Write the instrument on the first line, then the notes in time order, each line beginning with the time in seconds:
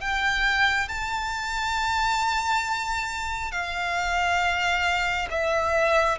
violin
0.00 G5
0.88 A5
3.51 F5
5.30 E5